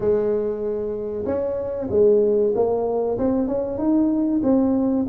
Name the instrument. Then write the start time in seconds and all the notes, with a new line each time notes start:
tuba
0.00 G#3
1.25 C#4
1.90 G#3
2.55 A#3
3.18 C4
3.47 C#4
3.78 D#4
4.43 C4